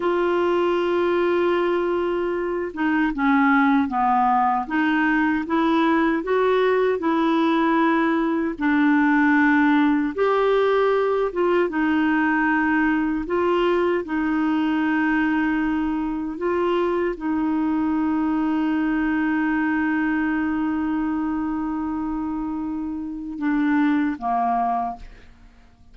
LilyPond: \new Staff \with { instrumentName = "clarinet" } { \time 4/4 \tempo 4 = 77 f'2.~ f'8 dis'8 | cis'4 b4 dis'4 e'4 | fis'4 e'2 d'4~ | d'4 g'4. f'8 dis'4~ |
dis'4 f'4 dis'2~ | dis'4 f'4 dis'2~ | dis'1~ | dis'2 d'4 ais4 | }